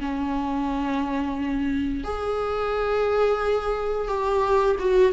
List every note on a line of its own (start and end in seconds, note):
0.00 2.04 C#4
2.04 4.08 G#4
4.08 4.76 G4
4.79 5.12 F#4